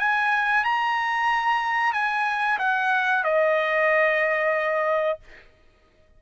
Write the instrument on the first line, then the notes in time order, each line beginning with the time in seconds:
trumpet
0.00 G#5
0.65 A#5
1.94 G#5
2.59 F#5
3.24 D#5